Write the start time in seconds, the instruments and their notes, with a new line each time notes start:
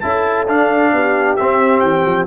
0.00 tuba C#4, trombone E4, horn A4, trumpet A5
0.48 tuba D4, trombone D4, trumpet F5
0.93 tuba B3, horn G4
1.36 trombone C4, tuba C4, trumpet E5
1.81 tuba E3, trumpet G5
2.06 tuba F3